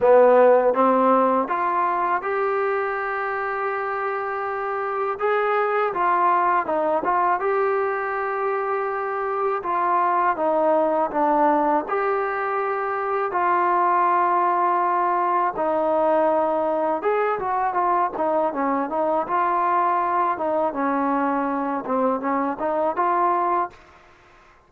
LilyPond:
\new Staff \with { instrumentName = "trombone" } { \time 4/4 \tempo 4 = 81 b4 c'4 f'4 g'4~ | g'2. gis'4 | f'4 dis'8 f'8 g'2~ | g'4 f'4 dis'4 d'4 |
g'2 f'2~ | f'4 dis'2 gis'8 fis'8 | f'8 dis'8 cis'8 dis'8 f'4. dis'8 | cis'4. c'8 cis'8 dis'8 f'4 | }